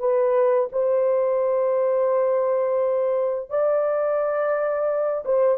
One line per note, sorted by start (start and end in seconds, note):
0.00 0.70 B4
0.73 3.50 C5
3.50 5.25 D5
5.25 5.59 C5